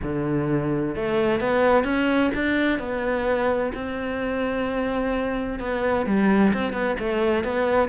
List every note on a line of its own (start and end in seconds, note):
0.02 0.95 D3
0.95 1.40 A3
1.40 1.84 B3
1.84 2.30 C#4
2.35 2.79 D4
2.79 3.72 B3
3.73 5.59 C4
5.59 6.05 B3
6.05 6.52 G3
6.53 6.73 C4
6.73 6.96 B3
6.99 7.44 A3
7.44 7.88 B3